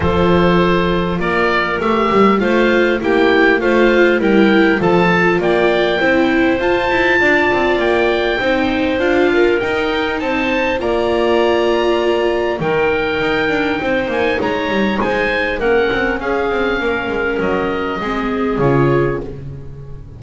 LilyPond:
<<
  \new Staff \with { instrumentName = "oboe" } { \time 4/4 \tempo 4 = 100 c''2 d''4 e''4 | f''4 g''4 f''4 g''4 | a''4 g''2 a''4~ | a''4 g''2 f''4 |
g''4 a''4 ais''2~ | ais''4 g''2~ g''8 gis''8 | ais''4 gis''4 fis''4 f''4~ | f''4 dis''2 cis''4 | }
  \new Staff \with { instrumentName = "clarinet" } { \time 4/4 a'2 ais'2 | c''4 g'4 c''4 ais'4 | a'4 d''4 c''2 | d''2 c''4. ais'8~ |
ais'4 c''4 d''2~ | d''4 ais'2 c''4 | cis''4 c''4 ais'4 gis'4 | ais'2 gis'2 | }
  \new Staff \with { instrumentName = "viola" } { \time 4/4 f'2. g'4 | f'4 e'4 f'4 e'4 | f'2 e'4 f'4~ | f'2 dis'4 f'4 |
dis'2 f'2~ | f'4 dis'2.~ | dis'2 cis'2~ | cis'2 c'4 f'4 | }
  \new Staff \with { instrumentName = "double bass" } { \time 4/4 f2 ais4 a8 g8 | a4 ais4 a4 g4 | f4 ais4 c'4 f'8 e'8 | d'8 c'8 ais4 c'4 d'4 |
dis'4 c'4 ais2~ | ais4 dis4 dis'8 d'8 c'8 ais8 | gis8 g8 gis4 ais8 c'8 cis'8 c'8 | ais8 gis8 fis4 gis4 cis4 | }
>>